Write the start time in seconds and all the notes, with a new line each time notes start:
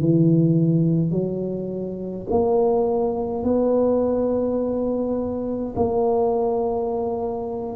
0.00 E3
1.11 F#3
2.30 A#3
3.44 B3
5.75 A#3